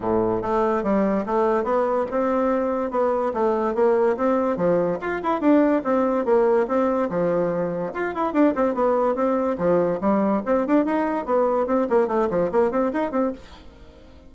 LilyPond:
\new Staff \with { instrumentName = "bassoon" } { \time 4/4 \tempo 4 = 144 a,4 a4 g4 a4 | b4 c'2 b4 | a4 ais4 c'4 f4 | f'8 e'8 d'4 c'4 ais4 |
c'4 f2 f'8 e'8 | d'8 c'8 b4 c'4 f4 | g4 c'8 d'8 dis'4 b4 | c'8 ais8 a8 f8 ais8 c'8 dis'8 c'8 | }